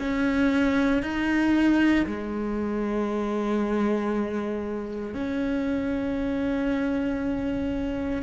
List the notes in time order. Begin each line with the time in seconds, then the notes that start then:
0.00 C#4
1.03 D#4
2.07 G#3
5.15 C#4